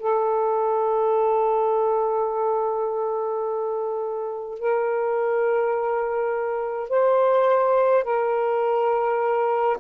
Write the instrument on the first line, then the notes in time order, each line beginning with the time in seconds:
saxophone
0.00 A4
4.59 A#4
6.90 C5
8.04 A#4